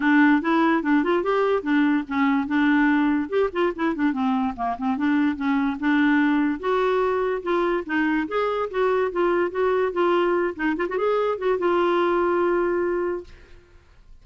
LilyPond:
\new Staff \with { instrumentName = "clarinet" } { \time 4/4 \tempo 4 = 145 d'4 e'4 d'8 f'8 g'4 | d'4 cis'4 d'2 | g'8 f'8 e'8 d'8 c'4 ais8 c'8 | d'4 cis'4 d'2 |
fis'2 f'4 dis'4 | gis'4 fis'4 f'4 fis'4 | f'4. dis'8 f'16 fis'16 gis'4 fis'8 | f'1 | }